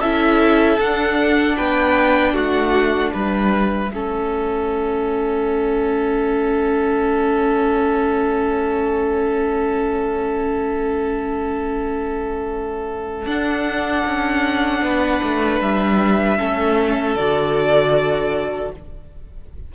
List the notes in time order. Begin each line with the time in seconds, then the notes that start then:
0.00 C#4 E4 A4 E5
0.79 D4 F#5
1.57 B3 B4 G5
2.34 A3 F#4 F#5
3.13 G3 B4 E5
3.91 A3 C#4 A4
13.26 D4 F#5
14.06 C#4
14.82 B3 B4
15.24 A3
15.61 G3 E5
16.38 A3 C#4 A4
17.16 D3 F#4 D5